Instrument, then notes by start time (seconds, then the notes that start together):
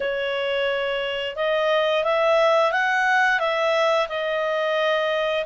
clarinet
0.00 C#5
1.36 D#5
2.04 E5
2.71 F#5
3.39 E5
4.08 D#5